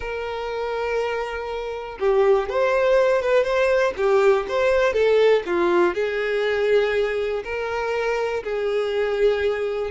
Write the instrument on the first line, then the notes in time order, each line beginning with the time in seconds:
violin
0.00 A#4
1.99 G4
2.49 C5
3.21 B4
3.43 C5
3.96 G4
4.48 C5
4.93 A4
5.45 F4
5.94 G#4
7.44 A#4
8.43 G#4